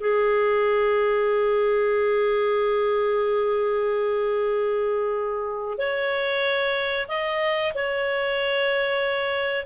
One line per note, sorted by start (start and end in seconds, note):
0.00 5.78 G#4
5.78 7.07 C#5
7.08 7.73 D#5
7.74 9.66 C#5